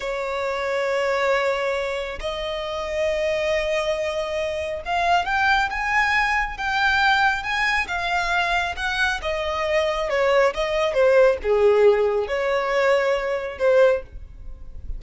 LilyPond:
\new Staff \with { instrumentName = "violin" } { \time 4/4 \tempo 4 = 137 cis''1~ | cis''4 dis''2.~ | dis''2. f''4 | g''4 gis''2 g''4~ |
g''4 gis''4 f''2 | fis''4 dis''2 cis''4 | dis''4 c''4 gis'2 | cis''2. c''4 | }